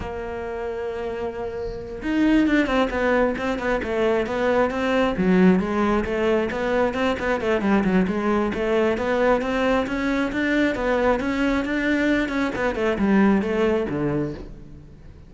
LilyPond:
\new Staff \with { instrumentName = "cello" } { \time 4/4 \tempo 4 = 134 ais1~ | ais8 dis'4 d'8 c'8 b4 c'8 | b8 a4 b4 c'4 fis8~ | fis8 gis4 a4 b4 c'8 |
b8 a8 g8 fis8 gis4 a4 | b4 c'4 cis'4 d'4 | b4 cis'4 d'4. cis'8 | b8 a8 g4 a4 d4 | }